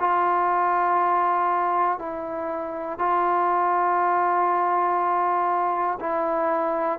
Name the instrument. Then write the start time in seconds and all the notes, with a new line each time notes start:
trombone
0.00 F4
1.99 E4
2.99 F4
6.00 E4